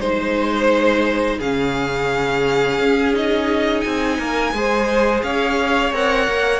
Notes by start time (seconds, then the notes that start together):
0.00 G#3 D#4 C5
1.38 C#3 C#4 G#4 F5
2.79 C#4
3.14 D#4 D#5
3.81 C4 G#5
4.19 A#3 A#4
4.53 G#3 G#4 C5
5.23 C#4 C#5 F5
5.93 C4 A#4 F#5
6.28 A#3